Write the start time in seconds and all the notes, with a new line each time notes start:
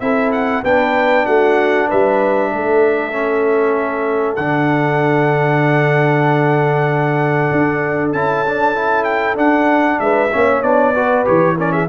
0.00 C4 E4 A4 E5
0.32 F#5
0.64 B3 D4 B4 G5
1.26 A3 F#4 F#5
1.88 G3 B4 E5
2.52 A3 A4
3.12 C#4
4.36 D3 D4 F#5
7.52 D4
8.12 C#4 E4 A5
8.47 D4
8.75 E4
9.04 G5
9.35 D4 F#5
10.00 G#3 B4 E5
10.32 A#3 C#4 C#5
10.63 B3 D4 D5
10.94 F#4 B4
11.25 E3 G4 C#5
11.58 C#4 A#4 D5
11.72 G#4 E5